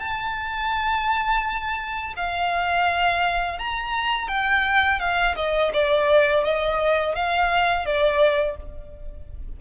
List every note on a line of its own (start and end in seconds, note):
0.00 2.14 A5
2.17 3.59 F5
3.59 4.28 A#5
4.28 5.00 G5
5.00 5.36 F5
5.36 5.72 D#5
5.73 6.44 D5
6.44 7.16 D#5
7.16 7.86 F5
7.86 8.57 D5